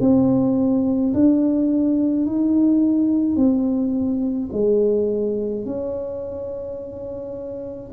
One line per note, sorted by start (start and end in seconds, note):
0.00 1.13 C4
1.14 2.26 D4
2.26 3.36 D#4
3.36 4.49 C4
4.52 5.65 G#3
5.66 7.92 C#4